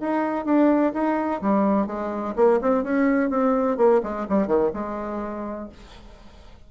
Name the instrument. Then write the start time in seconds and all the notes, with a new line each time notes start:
bassoon
0.00 D#4
0.45 D4
0.93 D#4
1.41 G3
1.86 G#3
2.36 A#3
2.61 C4
2.83 C#4
3.30 C4
3.77 A#3
4.03 G#3
4.29 G3
4.47 D#3
4.73 G#3